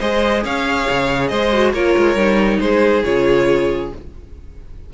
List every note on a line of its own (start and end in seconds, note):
0.00 0.44 G#3
0.00 1.53 G#4
0.00 0.43 C5
0.00 0.44 D#5
0.44 0.88 C#4
0.44 1.30 C#5
0.44 1.28 F5
0.90 1.32 C#3
1.28 1.73 G#3
1.28 1.73 C5
1.28 1.72 D#5
1.53 1.75 F#4
1.73 1.95 A#3
1.73 2.17 F4
1.73 2.60 A#4
1.73 2.60 C#5
1.97 2.16 G#3
2.16 2.59 G3
2.16 3.04 D#4
2.60 3.04 G#3
2.60 3.94 G#4
2.60 3.04 C5
3.04 3.92 C#3
3.04 3.91 F4
3.04 3.91 C#5